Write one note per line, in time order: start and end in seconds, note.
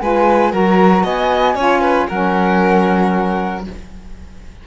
0.00 0.53 G#3
0.00 0.51 F4
0.00 0.52 B4
0.00 0.52 G#5
0.51 1.04 F#3
0.51 1.55 F#4
0.51 1.03 A#4
0.51 1.05 A#5
1.03 1.55 B3
1.03 1.55 D#5
1.03 2.08 G#5
1.55 2.07 C#4
1.55 2.09 F4
1.55 1.81 C#5
1.81 2.07 B4
2.08 3.67 F#3
2.08 3.67 C#4
2.08 3.65 A#4
2.08 3.65 F#5